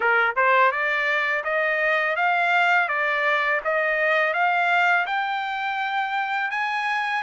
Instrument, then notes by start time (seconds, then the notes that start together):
trumpet
0.00 A#4
0.35 C5
0.71 D5
1.44 D#5
2.16 F5
2.88 D5
3.64 D#5
4.33 F5
5.06 G5
6.51 G#5